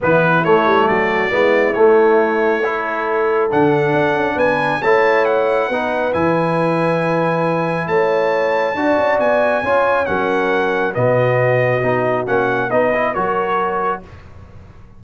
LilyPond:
<<
  \new Staff \with { instrumentName = "trumpet" } { \time 4/4 \tempo 4 = 137 b'4 cis''4 d''2 | cis''1 | fis''2 gis''4 a''4 | fis''2 gis''2~ |
gis''2 a''2~ | a''4 gis''2 fis''4~ | fis''4 dis''2. | fis''4 dis''4 cis''2 | }
  \new Staff \with { instrumentName = "horn" } { \time 4/4 e'2 fis'4 e'4~ | e'2 a'2~ | a'2 b'4 cis''4~ | cis''4 b'2.~ |
b'2 cis''2 | d''2 cis''4 ais'4~ | ais'4 fis'2.~ | fis'4 b'4 ais'2 | }
  \new Staff \with { instrumentName = "trombone" } { \time 4/4 b4 a2 b4 | a2 e'2 | d'2. e'4~ | e'4 dis'4 e'2~ |
e'1 | fis'2 f'4 cis'4~ | cis'4 b2 dis'4 | cis'4 dis'8 e'8 fis'2 | }
  \new Staff \with { instrumentName = "tuba" } { \time 4/4 e4 a8 g8 fis4 gis4 | a1 | d4 d'8 cis'8 b4 a4~ | a4 b4 e2~ |
e2 a2 | d'8 cis'8 b4 cis'4 fis4~ | fis4 b,2 b4 | ais4 b4 fis2 | }
>>